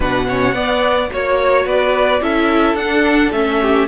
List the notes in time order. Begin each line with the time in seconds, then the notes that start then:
0.00 B2 D4 B4 F#5
0.28 C#4 C#5
0.54 B3 D5
1.10 A#3 F#4 C#5
1.65 B3 B4 D5
2.20 C#4 E4 A4 E5
2.74 D4 F#5
3.31 A3 C#4 E5
3.61 G4